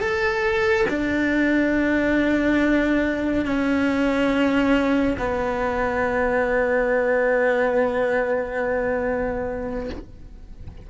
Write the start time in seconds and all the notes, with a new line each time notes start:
0.00 A4
0.88 D4
3.45 C#4
5.18 B3